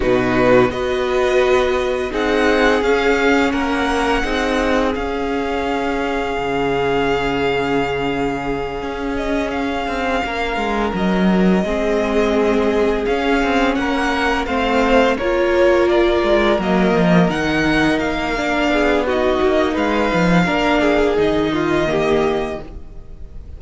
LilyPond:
<<
  \new Staff \with { instrumentName = "violin" } { \time 4/4 \tempo 4 = 85 b'4 dis''2 fis''4 | f''4 fis''2 f''4~ | f''1~ | f''4 dis''8 f''2 dis''8~ |
dis''2~ dis''8 f''4 fis''8~ | fis''8 f''4 cis''4 d''4 dis''8~ | dis''8 fis''4 f''4. dis''4 | f''2 dis''2 | }
  \new Staff \with { instrumentName = "violin" } { \time 4/4 fis'4 b'2 gis'4~ | gis'4 ais'4 gis'2~ | gis'1~ | gis'2~ gis'8 ais'4.~ |
ais'8 gis'2. ais'8~ | ais'8 c''4 ais'2~ ais'8~ | ais'2~ ais'8 gis'8 fis'4 | b'4 ais'8 gis'4 f'8 g'4 | }
  \new Staff \with { instrumentName = "viola" } { \time 4/4 dis'4 fis'2 dis'4 | cis'2 dis'4 cis'4~ | cis'1~ | cis'1~ |
cis'8 c'2 cis'4.~ | cis'8 c'4 f'2 ais8~ | ais8 dis'4. d'4 dis'4~ | dis'4 d'4 dis'4 ais4 | }
  \new Staff \with { instrumentName = "cello" } { \time 4/4 b,4 b2 c'4 | cis'4 ais4 c'4 cis'4~ | cis'4 cis2.~ | cis8 cis'4. c'8 ais8 gis8 fis8~ |
fis8 gis2 cis'8 c'8 ais8~ | ais8 a4 ais4. gis8 fis8 | f8 dis4 ais4 b4 ais8 | gis8 f8 ais4 dis2 | }
>>